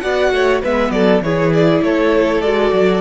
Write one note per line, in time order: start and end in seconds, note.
0.00 0.32 B3
0.00 0.62 F#4
0.00 0.33 D5
0.00 0.60 F#5
0.32 0.62 A3
0.32 0.61 C#5
0.61 0.90 G#3
0.61 1.24 B3
0.61 0.91 B4
0.61 0.91 E5
0.90 1.20 F#3
0.90 1.23 A4
0.90 1.21 D5
1.20 1.80 E3
1.20 2.44 E4
1.20 1.84 G#4
1.20 1.53 C#5
1.53 1.83 D5
1.82 2.41 A3
1.82 3.01 A4
1.82 2.41 C#5
2.41 2.71 G#3
2.41 3.01 F#4
2.41 3.01 D5
2.72 3.01 F#3